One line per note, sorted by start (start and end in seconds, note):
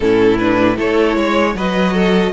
0.00 0.77 A2
0.00 0.37 C#4
0.00 0.76 E4
0.00 0.37 A4
0.37 0.76 D4
0.37 0.76 B4
0.76 1.16 A3
0.76 1.54 E4
0.76 1.15 A4
0.76 1.57 C#5
1.16 1.54 G#3
1.16 1.55 C#5
1.54 2.32 F#3
1.54 2.32 F#4
1.54 1.93 B4
1.54 2.32 D#5
1.93 2.32 A4